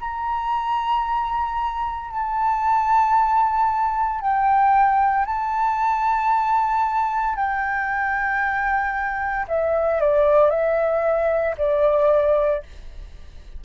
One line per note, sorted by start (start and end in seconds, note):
0.00 2.11 A#5
2.11 4.21 A5
4.21 5.25 G5
5.25 7.35 A5
7.35 9.46 G5
9.48 10.00 E5
10.00 10.50 D5
10.50 11.55 E5
11.57 12.63 D5